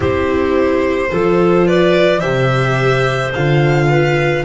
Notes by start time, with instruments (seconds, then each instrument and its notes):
0.00 double bass C4, viola E4, clarinet G4, violin C5
1.10 double bass F3, viola F4, clarinet A4
1.66 clarinet B4, violin D5
2.19 double bass C3, viola G4, clarinet C5, violin E5
3.34 double bass D3, viola F4, violin F5
3.89 clarinet B4